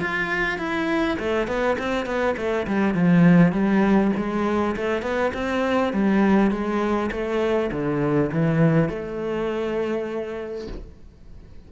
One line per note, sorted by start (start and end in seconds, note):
0.00 0.58 F4
0.58 1.17 E4
1.19 1.47 A3
1.47 1.77 B3
1.78 2.05 C4
2.05 2.35 B3
2.36 2.66 A3
2.67 2.94 G3
2.94 3.52 F3
3.52 4.11 G3
4.16 4.76 G#3
4.76 5.02 A3
5.02 5.31 B3
5.33 5.93 C4
5.93 6.50 G3
6.50 7.10 G#3
7.11 7.70 A3
7.71 8.30 D3
8.32 8.89 E3
8.89 10.67 A3